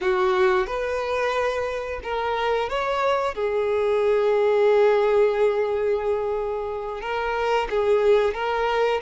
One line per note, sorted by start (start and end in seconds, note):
0.00 0.67 F#4
0.67 2.00 B4
2.03 2.68 A#4
2.68 3.34 C#5
3.34 7.01 G#4
7.01 7.68 A#4
7.70 8.34 G#4
8.34 9.00 A#4